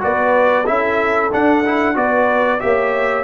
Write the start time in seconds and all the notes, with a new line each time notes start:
0.00 B3 F#4 B4 D5
0.66 C#4 E4 A4 E5
1.32 D4 F#5
1.65 E4
1.94 B3 F#4 B4 D5
2.59 A#3 G4 C#5 E5